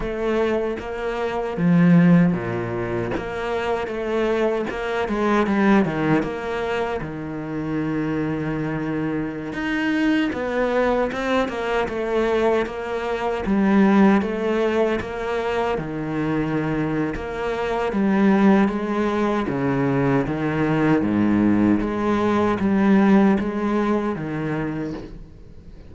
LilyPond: \new Staff \with { instrumentName = "cello" } { \time 4/4 \tempo 4 = 77 a4 ais4 f4 ais,4 | ais4 a4 ais8 gis8 g8 dis8 | ais4 dis2.~ | dis16 dis'4 b4 c'8 ais8 a8.~ |
a16 ais4 g4 a4 ais8.~ | ais16 dis4.~ dis16 ais4 g4 | gis4 cis4 dis4 gis,4 | gis4 g4 gis4 dis4 | }